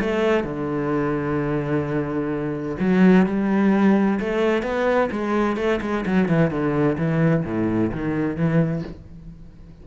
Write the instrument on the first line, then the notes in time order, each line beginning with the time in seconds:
cello
0.00 A3
0.44 D3
2.79 F#3
3.26 G3
4.20 A3
4.63 B3
5.11 G#3
5.56 A3
5.81 G#3
6.06 F#3
6.28 E3
6.50 D3
6.97 E3
7.44 A2
7.92 D#3
8.36 E3